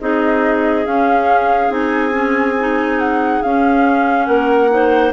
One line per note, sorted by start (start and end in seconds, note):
0.00 0.86 C4
0.00 0.85 D#4
0.00 4.27 G#4
0.00 0.85 D#5
0.85 1.69 C#4
0.85 1.71 F5
1.69 3.41 C4
1.69 2.12 D#4
1.69 2.99 G#5
2.12 2.54 C#4
2.60 3.44 D#4
2.99 3.42 F#5
3.42 4.69 C#4
3.42 4.28 C#4
3.42 4.26 F5
4.26 5.13 A#3
4.26 4.70 A#4
4.26 5.11 F#5
4.69 5.12 D#4
4.69 5.13 C5